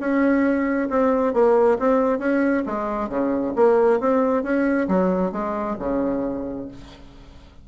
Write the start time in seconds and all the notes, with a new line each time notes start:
0.00 C#4
0.90 C4
1.34 A#3
1.79 C4
2.19 C#4
2.66 G#3
3.09 C#3
3.56 A#3
4.00 C4
4.43 C#4
4.88 F#3
5.32 G#3
5.79 C#3